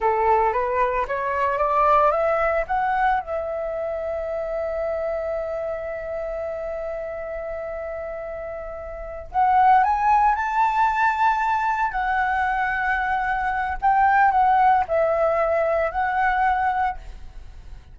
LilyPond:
\new Staff \with { instrumentName = "flute" } { \time 4/4 \tempo 4 = 113 a'4 b'4 cis''4 d''4 | e''4 fis''4 e''2~ | e''1~ | e''1~ |
e''4. fis''4 gis''4 a''8~ | a''2~ a''8 fis''4.~ | fis''2 g''4 fis''4 | e''2 fis''2 | }